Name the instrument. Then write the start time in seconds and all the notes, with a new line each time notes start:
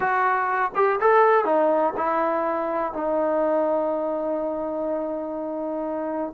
trombone
0.00 F#4
0.75 G4
1.00 A4
1.44 D#4
1.96 E4
2.93 D#4